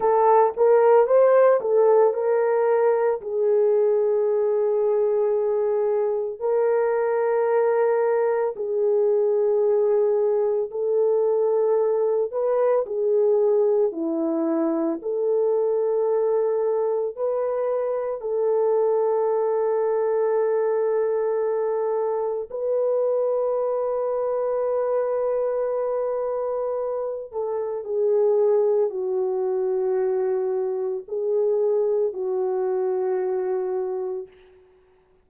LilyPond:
\new Staff \with { instrumentName = "horn" } { \time 4/4 \tempo 4 = 56 a'8 ais'8 c''8 a'8 ais'4 gis'4~ | gis'2 ais'2 | gis'2 a'4. b'8 | gis'4 e'4 a'2 |
b'4 a'2.~ | a'4 b'2.~ | b'4. a'8 gis'4 fis'4~ | fis'4 gis'4 fis'2 | }